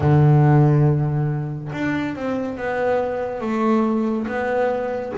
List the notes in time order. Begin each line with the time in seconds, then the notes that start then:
0.00 D3
1.73 D4
2.15 C4
2.57 B3
3.41 A3
4.27 B3